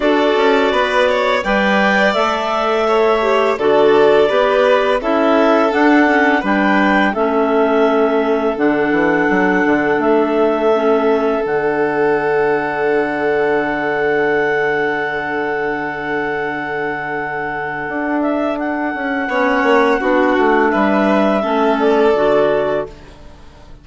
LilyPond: <<
  \new Staff \with { instrumentName = "clarinet" } { \time 4/4 \tempo 4 = 84 d''2 g''4 e''4~ | e''4 d''2 e''4 | fis''4 g''4 e''2 | fis''2 e''2 |
fis''1~ | fis''1~ | fis''4. e''8 fis''2~ | fis''4 e''4. d''4. | }
  \new Staff \with { instrumentName = "violin" } { \time 4/4 a'4 b'8 cis''8 d''2 | cis''4 a'4 b'4 a'4~ | a'4 b'4 a'2~ | a'1~ |
a'1~ | a'1~ | a'2. cis''4 | fis'4 b'4 a'2 | }
  \new Staff \with { instrumentName = "clarinet" } { \time 4/4 fis'2 b'4 a'4~ | a'8 g'8 fis'4 g'4 e'4 | d'8 cis'8 d'4 cis'2 | d'2. cis'4 |
d'1~ | d'1~ | d'2. cis'4 | d'2 cis'4 fis'4 | }
  \new Staff \with { instrumentName = "bassoon" } { \time 4/4 d'8 cis'8 b4 g4 a4~ | a4 d4 b4 cis'4 | d'4 g4 a2 | d8 e8 fis8 d8 a2 |
d1~ | d1~ | d4 d'4. cis'8 b8 ais8 | b8 a8 g4 a4 d4 | }
>>